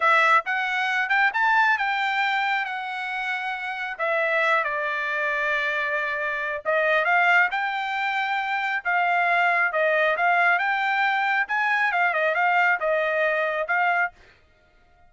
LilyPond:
\new Staff \with { instrumentName = "trumpet" } { \time 4/4 \tempo 4 = 136 e''4 fis''4. g''8 a''4 | g''2 fis''2~ | fis''4 e''4. d''4.~ | d''2. dis''4 |
f''4 g''2. | f''2 dis''4 f''4 | g''2 gis''4 f''8 dis''8 | f''4 dis''2 f''4 | }